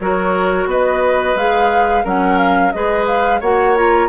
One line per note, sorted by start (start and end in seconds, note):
0.00 0.66 F#3
0.00 1.37 F#4
0.00 0.69 A#4
0.00 0.68 C#5
0.66 1.34 B3
0.66 2.04 B4
0.66 1.37 D#5
1.36 2.04 G#3
1.36 2.04 G#4
1.36 2.06 F5
2.04 2.73 F#3
2.04 2.72 C#4
2.04 2.72 A#4
2.04 2.38 F#5
2.38 2.72 F5
2.72 3.41 G#3
2.72 3.42 G#4
2.72 3.41 B4
2.72 3.06 D#5
3.07 3.41 F5
3.41 4.09 A#3
3.41 3.76 F#4
3.41 4.09 C#5
3.41 3.76 F#5
3.76 4.09 F4
3.76 4.09 A#5